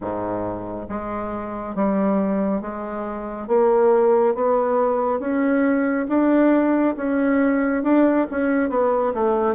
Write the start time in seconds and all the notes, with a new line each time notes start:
0.00 G#2
0.88 G#3
1.75 G3
2.61 G#3
3.47 A#3
4.34 B3
5.19 C#4
6.08 D4
6.96 C#4
7.83 D4
8.30 C#4
8.69 B3
9.13 A3